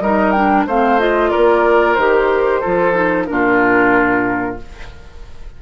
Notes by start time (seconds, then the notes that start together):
0.00 G3 D#4 A#4 D#5
0.31 D4 G5
0.67 A3 C4 C5 F5
0.99 F4 D#5
1.30 A#3 A#4 D5
1.94 D#3 G4 C5
2.60 F3 F4 A4
2.94 D#4
3.26 A#2 D4 F4 A#4